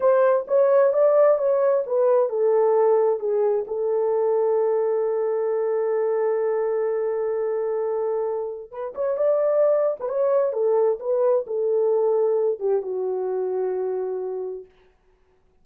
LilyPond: \new Staff \with { instrumentName = "horn" } { \time 4/4 \tempo 4 = 131 c''4 cis''4 d''4 cis''4 | b'4 a'2 gis'4 | a'1~ | a'1~ |
a'2. b'8 cis''8 | d''4.~ d''16 b'16 cis''4 a'4 | b'4 a'2~ a'8 g'8 | fis'1 | }